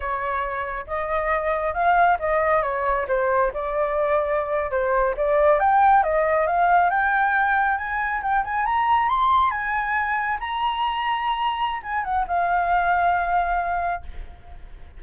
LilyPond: \new Staff \with { instrumentName = "flute" } { \time 4/4 \tempo 4 = 137 cis''2 dis''2 | f''4 dis''4 cis''4 c''4 | d''2~ d''8. c''4 d''16~ | d''8. g''4 dis''4 f''4 g''16~ |
g''4.~ g''16 gis''4 g''8 gis''8 ais''16~ | ais''8. c'''4 gis''2 ais''16~ | ais''2. gis''8 fis''8 | f''1 | }